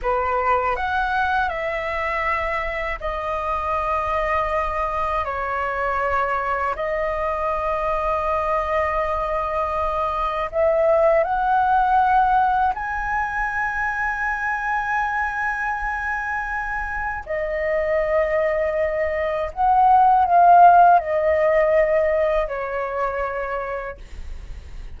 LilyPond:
\new Staff \with { instrumentName = "flute" } { \time 4/4 \tempo 4 = 80 b'4 fis''4 e''2 | dis''2. cis''4~ | cis''4 dis''2.~ | dis''2 e''4 fis''4~ |
fis''4 gis''2.~ | gis''2. dis''4~ | dis''2 fis''4 f''4 | dis''2 cis''2 | }